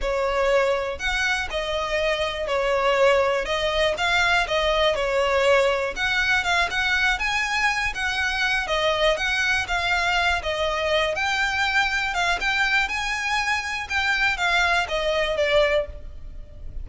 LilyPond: \new Staff \with { instrumentName = "violin" } { \time 4/4 \tempo 4 = 121 cis''2 fis''4 dis''4~ | dis''4 cis''2 dis''4 | f''4 dis''4 cis''2 | fis''4 f''8 fis''4 gis''4. |
fis''4. dis''4 fis''4 f''8~ | f''4 dis''4. g''4.~ | g''8 f''8 g''4 gis''2 | g''4 f''4 dis''4 d''4 | }